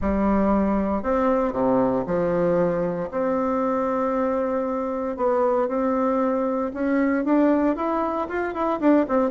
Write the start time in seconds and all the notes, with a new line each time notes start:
0.01 G3
1.03 C4
1.52 C3
2.06 F3
3.11 C4
5.16 B3
5.68 C4
6.73 C#4
7.24 D4
7.76 E4
8.28 F4
8.53 E4
8.80 D4
9.08 C4